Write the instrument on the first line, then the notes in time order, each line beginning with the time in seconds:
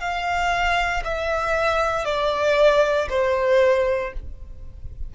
violin
0.00 F5
1.04 E5
2.05 D5
3.09 C5